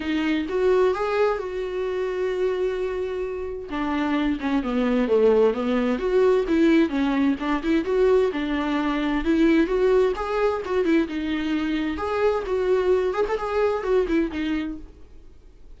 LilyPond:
\new Staff \with { instrumentName = "viola" } { \time 4/4 \tempo 4 = 130 dis'4 fis'4 gis'4 fis'4~ | fis'1 | d'4. cis'8 b4 a4 | b4 fis'4 e'4 cis'4 |
d'8 e'8 fis'4 d'2 | e'4 fis'4 gis'4 fis'8 e'8 | dis'2 gis'4 fis'4~ | fis'8 gis'16 a'16 gis'4 fis'8 e'8 dis'4 | }